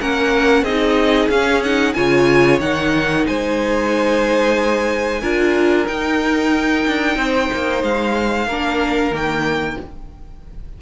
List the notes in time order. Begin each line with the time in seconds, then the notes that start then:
0.00 A#3 C#4 A#4 F#5
0.62 C4 D#4 G#4 D#5
1.29 C#4 F5
1.63 D#4 F#5
1.94 C#3 F4 C#5 G#5
2.60 D#3 D#4 F#5
3.27 G#3 C5 G#5
5.21 D4 F4 A#4
5.86 D#4 G5
6.87 D4
7.16 C4 C5
7.53 A#3
7.83 G#3 F5
8.47 A#3 D4 A#4
9.11 D#3 A#3 G5